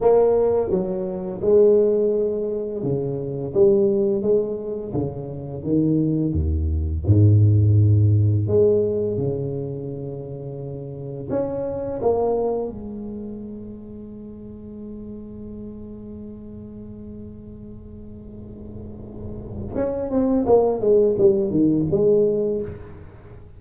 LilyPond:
\new Staff \with { instrumentName = "tuba" } { \time 4/4 \tempo 4 = 85 ais4 fis4 gis2 | cis4 g4 gis4 cis4 | dis4 dis,4 gis,2 | gis4 cis2. |
cis'4 ais4 gis2~ | gis1~ | gis1 | cis'8 c'8 ais8 gis8 g8 dis8 gis4 | }